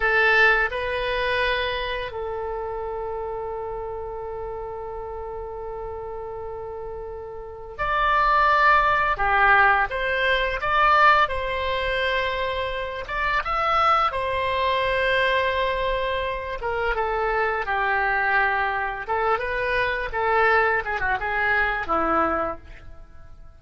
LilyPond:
\new Staff \with { instrumentName = "oboe" } { \time 4/4 \tempo 4 = 85 a'4 b'2 a'4~ | a'1~ | a'2. d''4~ | d''4 g'4 c''4 d''4 |
c''2~ c''8 d''8 e''4 | c''2.~ c''8 ais'8 | a'4 g'2 a'8 b'8~ | b'8 a'4 gis'16 fis'16 gis'4 e'4 | }